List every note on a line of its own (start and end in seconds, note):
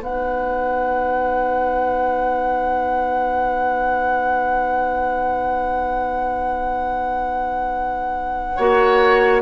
0.00 8.57 B3
0.00 8.58 D#4
0.00 8.56 B4
0.00 9.42 F#5
8.56 9.42 A#3
8.56 9.42 F#4
8.56 9.42 C#5